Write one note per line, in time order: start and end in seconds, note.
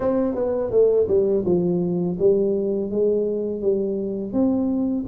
0.00 0.35 C4
0.35 0.70 B3
0.70 1.06 A3
1.08 1.44 G3
1.45 2.17 F3
2.19 2.90 G3
2.90 3.61 G#3
3.61 4.32 G3
4.32 5.05 C4